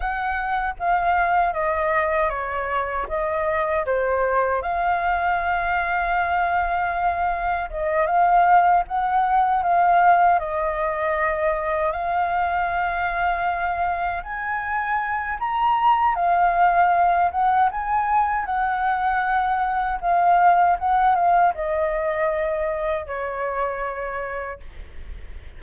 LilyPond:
\new Staff \with { instrumentName = "flute" } { \time 4/4 \tempo 4 = 78 fis''4 f''4 dis''4 cis''4 | dis''4 c''4 f''2~ | f''2 dis''8 f''4 fis''8~ | fis''8 f''4 dis''2 f''8~ |
f''2~ f''8 gis''4. | ais''4 f''4. fis''8 gis''4 | fis''2 f''4 fis''8 f''8 | dis''2 cis''2 | }